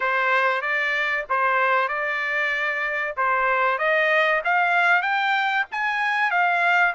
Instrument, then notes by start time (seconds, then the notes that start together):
trumpet
0.00 C5
0.61 D5
1.29 C5
1.88 D5
3.16 C5
3.78 D#5
4.44 F5
5.02 G5
5.71 G#5
6.30 F5